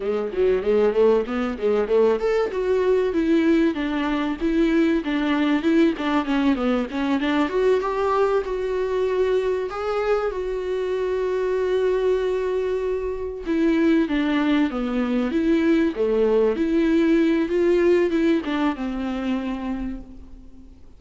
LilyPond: \new Staff \with { instrumentName = "viola" } { \time 4/4 \tempo 4 = 96 gis8 fis8 gis8 a8 b8 gis8 a8 a'8 | fis'4 e'4 d'4 e'4 | d'4 e'8 d'8 cis'8 b8 cis'8 d'8 | fis'8 g'4 fis'2 gis'8~ |
gis'8 fis'2.~ fis'8~ | fis'4. e'4 d'4 b8~ | b8 e'4 a4 e'4. | f'4 e'8 d'8 c'2 | }